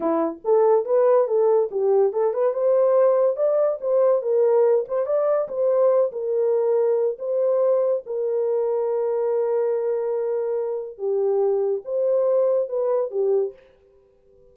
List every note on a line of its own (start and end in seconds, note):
0.00 0.39 E4
0.44 0.85 A4
0.85 1.27 B4
1.27 1.69 A4
1.71 2.13 G4
2.13 2.33 A4
2.33 2.53 B4
2.53 3.36 C5
3.36 3.78 D5
3.80 4.22 C5
4.22 4.85 A#4
4.87 5.06 C5
5.06 5.48 D5
5.48 6.11 C5
6.12 7.17 A#4
7.18 8.03 C5
8.06 10.97 A#4
10.97 11.82 G4
11.84 12.69 C5
12.69 13.10 B4
13.10 13.53 G4